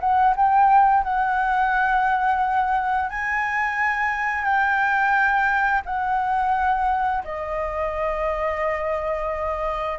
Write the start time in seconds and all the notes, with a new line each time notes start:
0.00 F#5
0.36 G5
1.03 F#5
3.10 G#5
4.44 G5
5.86 F#5
7.24 D#5